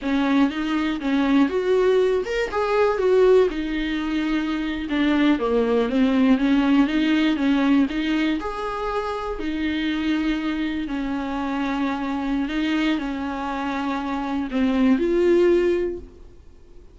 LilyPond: \new Staff \with { instrumentName = "viola" } { \time 4/4 \tempo 4 = 120 cis'4 dis'4 cis'4 fis'4~ | fis'8 ais'8 gis'4 fis'4 dis'4~ | dis'4.~ dis'16 d'4 ais4 c'16~ | c'8. cis'4 dis'4 cis'4 dis'16~ |
dis'8. gis'2 dis'4~ dis'16~ | dis'4.~ dis'16 cis'2~ cis'16~ | cis'4 dis'4 cis'2~ | cis'4 c'4 f'2 | }